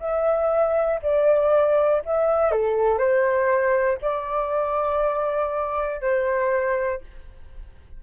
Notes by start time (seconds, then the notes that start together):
0.00 E5
1.02 D5
2.06 E5
2.52 A4
2.99 C5
4.02 D5
6.02 C5